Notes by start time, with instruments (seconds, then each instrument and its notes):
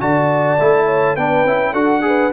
0.00 tuba D3, trombone F#4, horn D5, trumpet A5
0.60 tuba A3, trombone E4
0.85 horn C#5
1.15 tuba B3, trombone D4, horn B4, trumpet G5
1.44 tuba C#4, trombone E4
1.72 tuba D4, trombone F#4, horn A4, trumpet F#5
2.01 trombone G#4, horn B4